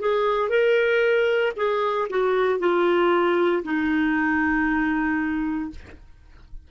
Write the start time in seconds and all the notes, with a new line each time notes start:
0.00 G#4
0.49 A#4
1.57 G#4
2.10 F#4
2.60 F4
3.64 D#4